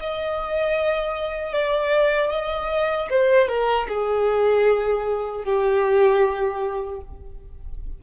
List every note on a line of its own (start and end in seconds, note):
0.00 1.53 D#5
1.53 2.31 D5
2.31 3.09 D#5
3.11 3.49 C5
3.49 3.87 A#4
3.89 5.44 G#4
5.44 7.00 G4